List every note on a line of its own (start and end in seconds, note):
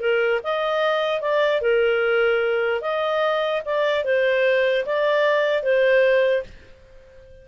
0.00 0.40 A#4
0.43 1.21 D#5
1.21 1.61 D5
1.61 2.81 A#4
2.81 3.62 D#5
3.65 4.04 D5
4.04 4.85 C5
4.85 5.63 D5
5.63 6.43 C5